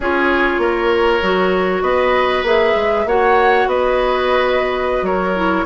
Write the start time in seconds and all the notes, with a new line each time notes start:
0.00 C#4 F4 G#4 C#5
0.58 A#3 A#4
1.22 F#3 F#4
1.82 B3 B4 D#5
2.42 A#3 G#4 E5
2.75 G#3
3.05 A#3 F#4 C#5 F#5
3.66 B3 B4 D#5
5.02 F#3 A#4 C#5
5.35 E4